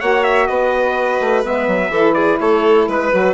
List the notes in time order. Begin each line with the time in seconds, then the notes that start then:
0.00 A#3 F#4 C#5 F#5
0.24 E5
0.48 B3 B4 D#5
1.20 A3
1.44 G#3 B3 E5
1.68 F#3
1.90 E3 E4 A4
2.14 G#4 D5
2.40 A3 A4 C#5
2.88 G#3 B4
3.12 F#3 F#4